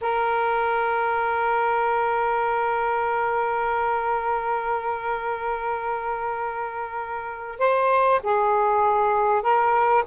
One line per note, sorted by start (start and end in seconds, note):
0.01 7.59 A#4
7.59 8.20 C5
8.23 9.42 G#4
9.42 10.04 A#4